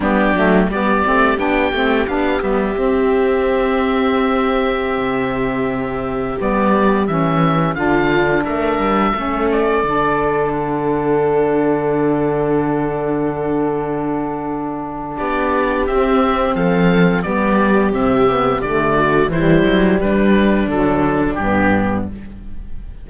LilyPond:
<<
  \new Staff \with { instrumentName = "oboe" } { \time 4/4 \tempo 4 = 87 g'4 d''4 g''4 f''8 e''8~ | e''1~ | e''4~ e''16 d''4 e''4 f''8.~ | f''16 e''4. d''4. fis''8.~ |
fis''1~ | fis''2 d''4 e''4 | f''4 d''4 e''4 d''4 | c''4 b'4 a'4 g'4 | }
  \new Staff \with { instrumentName = "viola" } { \time 4/4 d'4 g'2.~ | g'1~ | g'2.~ g'16 f'8.~ | f'16 ais'4 a'2~ a'8.~ |
a'1~ | a'2 g'2 | a'4 g'2~ g'8 fis'8 | e'4 d'2. | }
  \new Staff \with { instrumentName = "saxophone" } { \time 4/4 b8 a8 b8 c'8 d'8 c'8 d'8 b8 | c'1~ | c'4~ c'16 b4 cis'4 d'8.~ | d'4~ d'16 cis'4 d'4.~ d'16~ |
d'1~ | d'2. c'4~ | c'4 b4 c'8 b8 a4 | g2 fis4 b4 | }
  \new Staff \with { instrumentName = "cello" } { \time 4/4 g8 fis8 g8 a8 b8 a8 b8 g8 | c'2.~ c'16 c8.~ | c4~ c16 g4 e4 d8.~ | d16 a8 g8 a4 d4.~ d16~ |
d1~ | d2 b4 c'4 | f4 g4 c4 d4 | e8 fis8 g4 d4 g,4 | }
>>